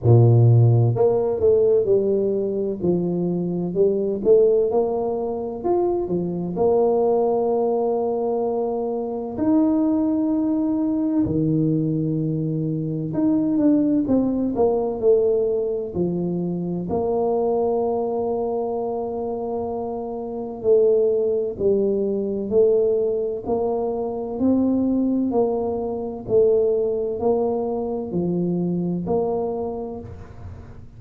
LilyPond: \new Staff \with { instrumentName = "tuba" } { \time 4/4 \tempo 4 = 64 ais,4 ais8 a8 g4 f4 | g8 a8 ais4 f'8 f8 ais4~ | ais2 dis'2 | dis2 dis'8 d'8 c'8 ais8 |
a4 f4 ais2~ | ais2 a4 g4 | a4 ais4 c'4 ais4 | a4 ais4 f4 ais4 | }